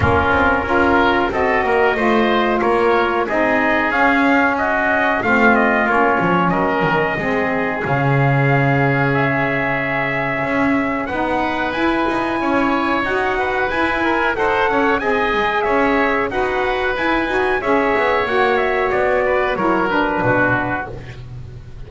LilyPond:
<<
  \new Staff \with { instrumentName = "trumpet" } { \time 4/4 \tempo 4 = 92 ais'2 dis''2 | cis''4 dis''4 f''4 dis''4 | f''8 dis''8 cis''4 dis''2 | f''2 e''2~ |
e''4 fis''4 gis''2 | fis''4 gis''4 fis''4 gis''4 | e''4 fis''4 gis''4 e''4 | fis''8 e''8 d''4 cis''8 b'4. | }
  \new Staff \with { instrumentName = "oboe" } { \time 4/4 f'4 ais'4 a'8 ais'8 c''4 | ais'4 gis'2 fis'4 | f'2 ais'4 gis'4~ | gis'1~ |
gis'4 b'2 cis''4~ | cis''8 b'4 ais'8 c''8 cis''8 dis''4 | cis''4 b'2 cis''4~ | cis''4. b'8 ais'4 fis'4 | }
  \new Staff \with { instrumentName = "saxophone" } { \time 4/4 cis'4 f'4 fis'4 f'4~ | f'4 dis'4 cis'2 | c'4 cis'2 c'4 | cis'1~ |
cis'4 dis'4 e'2 | fis'4 e'4 a'4 gis'4~ | gis'4 fis'4 e'8 fis'8 gis'4 | fis'2 e'8 d'4. | }
  \new Staff \with { instrumentName = "double bass" } { \time 4/4 ais8 c'8 cis'4 c'8 ais8 a4 | ais4 c'4 cis'2 | a4 ais8 f8 fis8 dis8 gis4 | cis1 |
cis'4 b4 e'8 dis'8 cis'4 | dis'4 e'4 dis'8 cis'8 c'8 gis8 | cis'4 dis'4 e'8 dis'8 cis'8 b8 | ais4 b4 fis4 b,4 | }
>>